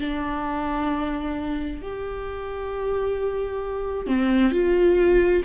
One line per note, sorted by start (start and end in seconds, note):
0.00 1.82 D4
1.82 4.07 G4
4.07 4.52 C4
4.52 5.43 F4